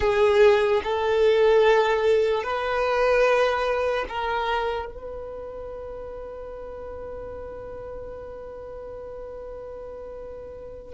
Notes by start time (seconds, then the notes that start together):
0.00 G#4
0.83 A4
2.43 B4
4.08 A#4
4.85 B4